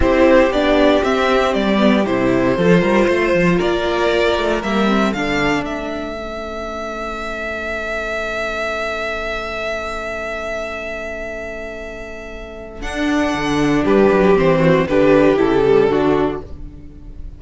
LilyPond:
<<
  \new Staff \with { instrumentName = "violin" } { \time 4/4 \tempo 4 = 117 c''4 d''4 e''4 d''4 | c''2. d''4~ | d''4 e''4 f''4 e''4~ | e''1~ |
e''1~ | e''1~ | e''4 fis''2 b'4 | c''4 b'4 a'2 | }
  \new Staff \with { instrumentName = "violin" } { \time 4/4 g'1~ | g'4 a'8 ais'8 c''4 ais'4~ | ais'2 a'2~ | a'1~ |
a'1~ | a'1~ | a'2. g'4~ | g'8 fis'8 g'2 fis'4 | }
  \new Staff \with { instrumentName = "viola" } { \time 4/4 e'4 d'4 c'4. b8 | e'4 f'2.~ | f'4 ais8 c'8 d'2 | cis'1~ |
cis'1~ | cis'1~ | cis'4 d'2. | c'4 d'4 e'8 g8 d'4 | }
  \new Staff \with { instrumentName = "cello" } { \time 4/4 c'4 b4 c'4 g4 | c4 f8 g8 a8 f8 ais4~ | ais8 a8 g4 d4 a4~ | a1~ |
a1~ | a1~ | a4 d'4 d4 g8 fis8 | e4 d4 cis4 d4 | }
>>